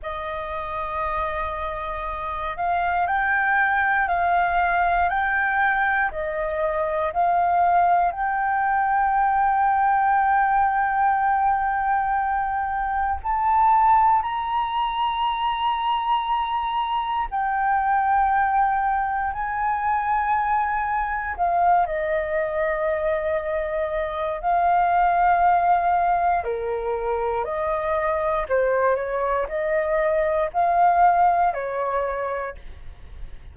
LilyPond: \new Staff \with { instrumentName = "flute" } { \time 4/4 \tempo 4 = 59 dis''2~ dis''8 f''8 g''4 | f''4 g''4 dis''4 f''4 | g''1~ | g''4 a''4 ais''2~ |
ais''4 g''2 gis''4~ | gis''4 f''8 dis''2~ dis''8 | f''2 ais'4 dis''4 | c''8 cis''8 dis''4 f''4 cis''4 | }